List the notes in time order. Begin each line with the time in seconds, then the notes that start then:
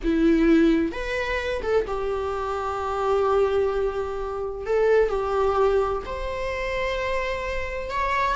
0.03 E4
0.92 B4
1.62 A4
1.87 G4
4.66 A4
5.09 G4
6.05 C5
7.90 C#5